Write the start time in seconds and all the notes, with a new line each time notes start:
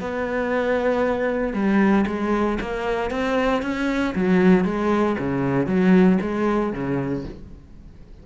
0.00 B3
1.53 G3
2.07 G#3
2.60 A#3
3.11 C4
3.62 C#4
4.15 F#3
4.65 G#3
5.18 C#3
5.66 F#3
6.21 G#3
6.73 C#3